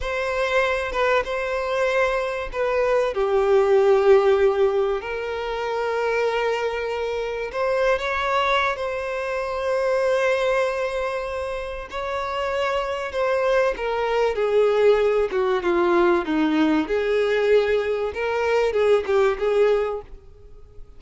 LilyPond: \new Staff \with { instrumentName = "violin" } { \time 4/4 \tempo 4 = 96 c''4. b'8 c''2 | b'4 g'2. | ais'1 | c''8. cis''4~ cis''16 c''2~ |
c''2. cis''4~ | cis''4 c''4 ais'4 gis'4~ | gis'8 fis'8 f'4 dis'4 gis'4~ | gis'4 ais'4 gis'8 g'8 gis'4 | }